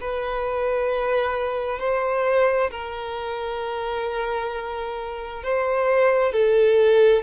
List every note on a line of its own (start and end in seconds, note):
0.00 1.79 B4
1.79 2.70 C5
2.70 5.43 A#4
5.43 6.32 C5
6.32 7.23 A4